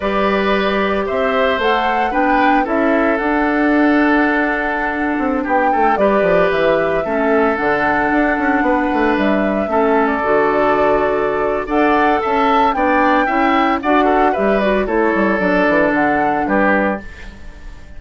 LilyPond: <<
  \new Staff \with { instrumentName = "flute" } { \time 4/4 \tempo 4 = 113 d''2 e''4 fis''4 | g''4 e''4 fis''2~ | fis''2~ fis''16 g''4 d''8.~ | d''16 e''2 fis''4.~ fis''16~ |
fis''4~ fis''16 e''4.~ e''16 d''4~ | d''2 fis''4 a''4 | g''2 fis''4 e''8 d''8 | cis''4 d''4 fis''4 b'4 | }
  \new Staff \with { instrumentName = "oboe" } { \time 4/4 b'2 c''2 | b'4 a'2.~ | a'2~ a'16 g'8 a'8 b'8.~ | b'4~ b'16 a'2~ a'8.~ |
a'16 b'2 a'4.~ a'16~ | a'2 d''4 e''4 | d''4 e''4 d''8 a'8 b'4 | a'2. g'4 | }
  \new Staff \with { instrumentName = "clarinet" } { \time 4/4 g'2. a'4 | d'4 e'4 d'2~ | d'2.~ d'16 g'8.~ | g'4~ g'16 cis'4 d'4.~ d'16~ |
d'2~ d'16 cis'4 fis'8.~ | fis'2 a'2 | d'4 e'4 fis'4 g'8 fis'8 | e'4 d'2. | }
  \new Staff \with { instrumentName = "bassoon" } { \time 4/4 g2 c'4 a4 | b4 cis'4 d'2~ | d'4.~ d'16 c'8 b8 a8 g8 f16~ | f16 e4 a4 d4 d'8 cis'16~ |
cis'16 b8 a8 g4 a4 d8.~ | d2 d'4 cis'4 | b4 cis'4 d'4 g4 | a8 g8 fis8 e8 d4 g4 | }
>>